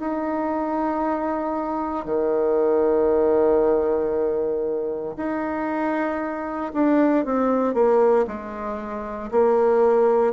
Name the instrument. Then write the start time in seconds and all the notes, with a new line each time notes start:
bassoon
0.00 D#4
2.05 D#3
5.17 D#4
6.74 D4
7.26 C4
7.74 A#3
8.28 G#3
9.32 A#3